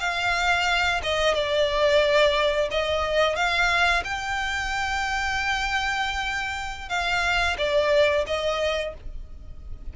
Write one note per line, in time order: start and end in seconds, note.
0.00 1.01 F5
1.03 1.35 D#5
1.35 2.69 D5
2.71 3.36 D#5
3.36 4.03 F5
4.04 6.89 G5
6.89 7.57 F5
7.58 8.26 D5
8.27 8.94 D#5